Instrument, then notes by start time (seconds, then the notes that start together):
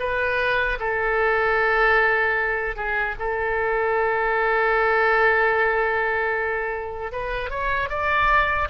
oboe
0.00 B4
0.80 A4
2.76 G#4
3.19 A4
7.12 B4
7.50 C#5
7.89 D5